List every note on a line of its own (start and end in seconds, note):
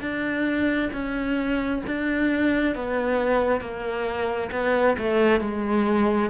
0.00 0.90 D4
0.92 1.82 C#4
1.86 2.75 D4
2.75 3.61 B3
3.61 4.50 A#3
4.51 4.96 B3
4.98 5.40 A3
5.40 6.29 G#3